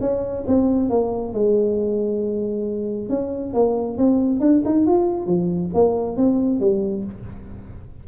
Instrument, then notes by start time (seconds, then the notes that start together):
tuba
0.00 C#4
0.47 C4
0.89 A#3
1.33 G#3
3.09 C#4
3.53 A#3
3.97 C4
4.40 D4
4.65 D#4
4.86 F4
5.26 F3
5.74 A#3
6.16 C4
6.60 G3